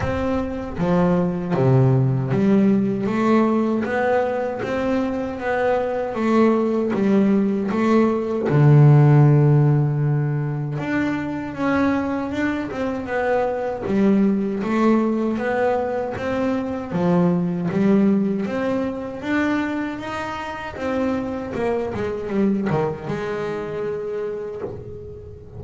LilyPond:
\new Staff \with { instrumentName = "double bass" } { \time 4/4 \tempo 4 = 78 c'4 f4 c4 g4 | a4 b4 c'4 b4 | a4 g4 a4 d4~ | d2 d'4 cis'4 |
d'8 c'8 b4 g4 a4 | b4 c'4 f4 g4 | c'4 d'4 dis'4 c'4 | ais8 gis8 g8 dis8 gis2 | }